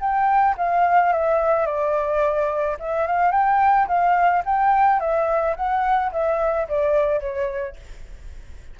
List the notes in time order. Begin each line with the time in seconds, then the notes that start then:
0.00 G5
0.57 F5
1.13 E5
1.66 D5
2.80 E5
3.07 F5
3.32 G5
3.88 F5
4.45 G5
5.00 E5
5.56 F#5
6.12 E5
6.68 D5
7.20 C#5